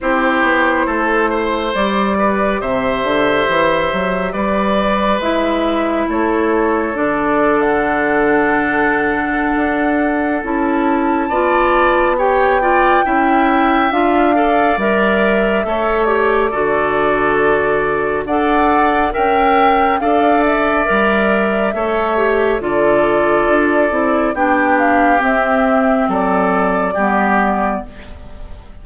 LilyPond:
<<
  \new Staff \with { instrumentName = "flute" } { \time 4/4 \tempo 4 = 69 c''2 d''4 e''4~ | e''4 d''4 e''4 cis''4 | d''8. fis''2.~ fis''16 | a''2 g''2 |
f''4 e''4. d''4.~ | d''4 fis''4 g''4 f''8 e''8~ | e''2 d''2 | g''8 f''8 e''4 d''2 | }
  \new Staff \with { instrumentName = "oboe" } { \time 4/4 g'4 a'8 c''4 b'8 c''4~ | c''4 b'2 a'4~ | a'1~ | a'4 d''4 cis''8 d''8 e''4~ |
e''8 d''4. cis''4 a'4~ | a'4 d''4 e''4 d''4~ | d''4 cis''4 a'2 | g'2 a'4 g'4 | }
  \new Staff \with { instrumentName = "clarinet" } { \time 4/4 e'2 g'2~ | g'2 e'2 | d'1 | e'4 f'4 g'8 f'8 e'4 |
f'8 a'8 ais'4 a'8 g'8 fis'4~ | fis'4 a'4 ais'4 a'4 | ais'4 a'8 g'8 f'4. e'8 | d'4 c'2 b4 | }
  \new Staff \with { instrumentName = "bassoon" } { \time 4/4 c'8 b8 a4 g4 c8 d8 | e8 fis8 g4 gis4 a4 | d2. d'4 | cis'4 b2 cis'4 |
d'4 g4 a4 d4~ | d4 d'4 cis'4 d'4 | g4 a4 d4 d'8 c'8 | b4 c'4 fis4 g4 | }
>>